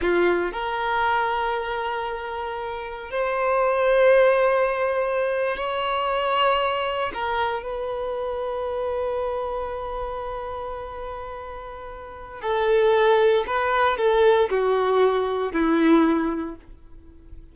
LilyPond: \new Staff \with { instrumentName = "violin" } { \time 4/4 \tempo 4 = 116 f'4 ais'2.~ | ais'2 c''2~ | c''2~ c''8. cis''4~ cis''16~ | cis''4.~ cis''16 ais'4 b'4~ b'16~ |
b'1~ | b'1 | a'2 b'4 a'4 | fis'2 e'2 | }